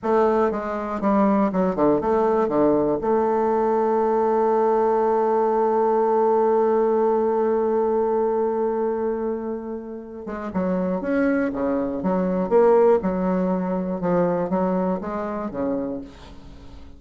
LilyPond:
\new Staff \with { instrumentName = "bassoon" } { \time 4/4 \tempo 4 = 120 a4 gis4 g4 fis8 d8 | a4 d4 a2~ | a1~ | a1~ |
a1~ | a8 gis8 fis4 cis'4 cis4 | fis4 ais4 fis2 | f4 fis4 gis4 cis4 | }